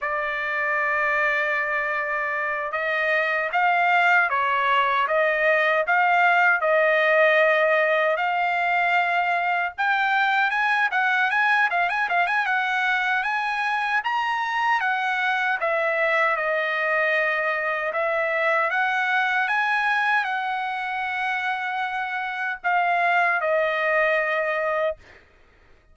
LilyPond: \new Staff \with { instrumentName = "trumpet" } { \time 4/4 \tempo 4 = 77 d''2.~ d''8 dis''8~ | dis''8 f''4 cis''4 dis''4 f''8~ | f''8 dis''2 f''4.~ | f''8 g''4 gis''8 fis''8 gis''8 f''16 gis''16 f''16 gis''16 |
fis''4 gis''4 ais''4 fis''4 | e''4 dis''2 e''4 | fis''4 gis''4 fis''2~ | fis''4 f''4 dis''2 | }